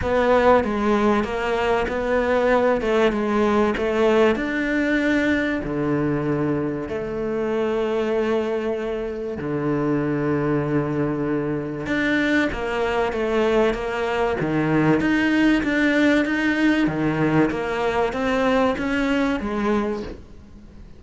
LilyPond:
\new Staff \with { instrumentName = "cello" } { \time 4/4 \tempo 4 = 96 b4 gis4 ais4 b4~ | b8 a8 gis4 a4 d'4~ | d'4 d2 a4~ | a2. d4~ |
d2. d'4 | ais4 a4 ais4 dis4 | dis'4 d'4 dis'4 dis4 | ais4 c'4 cis'4 gis4 | }